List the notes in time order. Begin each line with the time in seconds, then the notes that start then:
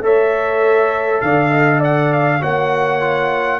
0.00 A3 A4 C#5 E5
1.21 D3 D5 F5
1.51 D#5
1.80 D5 F#5
2.13 F5
2.41 A#3 F#4 C#5 F#5
3.00 F4